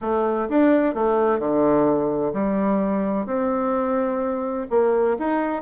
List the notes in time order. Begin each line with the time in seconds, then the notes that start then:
0.01 A3
0.49 D4
0.94 A3
1.39 D3
2.33 G3
3.26 C4
4.70 A#3
5.18 D#4